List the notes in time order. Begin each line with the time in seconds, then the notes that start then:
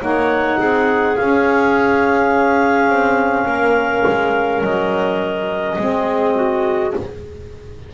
0.00 A#3 D#4 C#5 F#5
0.59 C4 G#4
1.16 C#4 F5
2.89 C4
3.46 A#3 A#4
4.07 G#3
4.62 F#3 D#5
5.78 G#3 C4 G#4
6.35 F#4